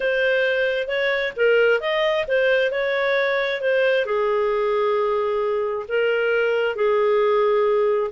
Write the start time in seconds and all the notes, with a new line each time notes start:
0.00 C5
0.87 C#5
1.36 A#4
1.80 D#5
2.27 C5
2.71 C#5
3.61 C5
4.05 G#4
5.88 A#4
6.75 G#4